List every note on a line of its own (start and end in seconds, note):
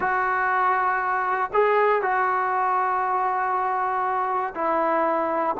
0.00 1.50 F#4
1.53 2.02 G#4
2.02 4.54 F#4
4.54 5.55 E4